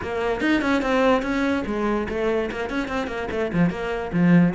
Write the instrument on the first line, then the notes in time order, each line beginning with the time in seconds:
cello
0.02 A#3
0.40 D#4
0.61 C#4
0.82 C4
1.22 C#4
1.66 G#3
2.08 A3
2.51 A#3
2.69 C#4
2.87 C4
3.07 A#3
3.31 A3
3.53 F3
3.70 A#3
4.12 F3